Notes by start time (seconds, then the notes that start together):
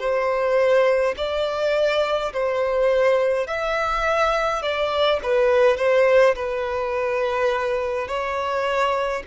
0.00 C5
1.17 D5
2.33 C5
3.47 E5
4.63 D5
5.23 B4
5.77 C5
6.36 B4
8.08 C#5